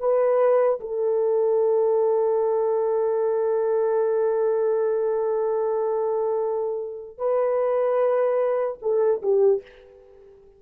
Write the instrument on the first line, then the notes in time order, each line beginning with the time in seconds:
horn
0.00 B4
0.80 A4
7.18 B4
8.82 A4
9.22 G4